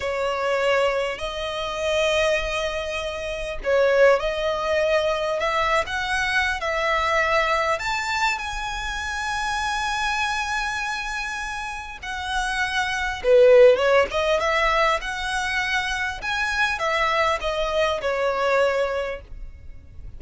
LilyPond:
\new Staff \with { instrumentName = "violin" } { \time 4/4 \tempo 4 = 100 cis''2 dis''2~ | dis''2 cis''4 dis''4~ | dis''4 e''8. fis''4~ fis''16 e''4~ | e''4 a''4 gis''2~ |
gis''1 | fis''2 b'4 cis''8 dis''8 | e''4 fis''2 gis''4 | e''4 dis''4 cis''2 | }